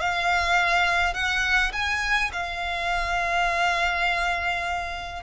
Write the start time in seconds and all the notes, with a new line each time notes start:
0.00 F5
1.14 F#5
1.73 G#5
2.33 F5